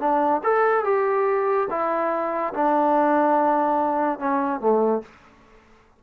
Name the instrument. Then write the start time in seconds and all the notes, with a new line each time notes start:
trombone
0.00 D4
0.44 A4
0.85 G4
1.71 E4
2.54 D4
4.20 C#4
4.61 A3